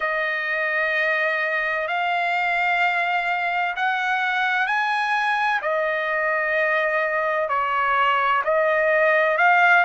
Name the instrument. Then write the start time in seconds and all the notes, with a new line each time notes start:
trumpet
0.00 D#5
1.87 F5
3.75 F#5
4.66 G#5
5.61 D#5
7.48 C#5
8.44 D#5
9.37 F5